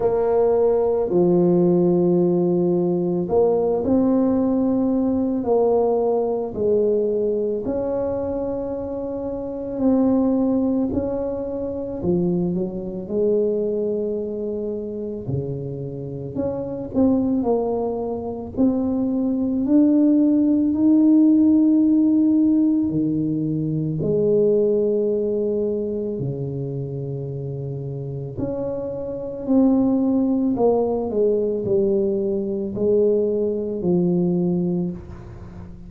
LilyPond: \new Staff \with { instrumentName = "tuba" } { \time 4/4 \tempo 4 = 55 ais4 f2 ais8 c'8~ | c'4 ais4 gis4 cis'4~ | cis'4 c'4 cis'4 f8 fis8 | gis2 cis4 cis'8 c'8 |
ais4 c'4 d'4 dis'4~ | dis'4 dis4 gis2 | cis2 cis'4 c'4 | ais8 gis8 g4 gis4 f4 | }